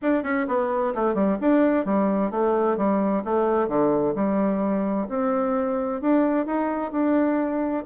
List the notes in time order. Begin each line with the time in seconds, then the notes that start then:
0.01 D4
0.23 C#4
0.47 B3
0.94 A3
1.14 G3
1.41 D4
1.85 G3
2.31 A3
2.77 G3
3.24 A3
3.68 D3
4.15 G3
5.09 C4
6.01 D4
6.46 D#4
6.91 D4